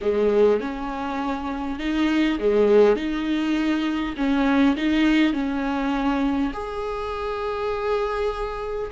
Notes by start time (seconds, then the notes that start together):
0.01 G#3
0.60 C#4
1.79 D#4
2.39 G#3
2.96 D#4
4.16 C#4
4.76 D#4
5.33 C#4
6.53 G#4